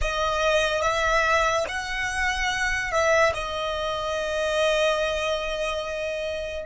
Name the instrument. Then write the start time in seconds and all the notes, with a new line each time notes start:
violin
0.01 D#5
0.81 E5
1.68 F#5
2.91 E5
3.33 D#5